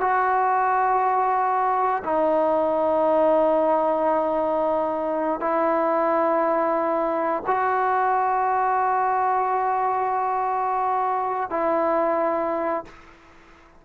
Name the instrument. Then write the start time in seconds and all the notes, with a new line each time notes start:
trombone
0.00 F#4
2.03 D#4
5.40 E4
7.46 F#4
11.49 E4